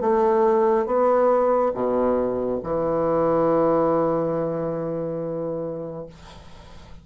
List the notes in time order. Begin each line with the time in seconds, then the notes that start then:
0.00 A3
0.86 B3
1.74 B2
2.63 E3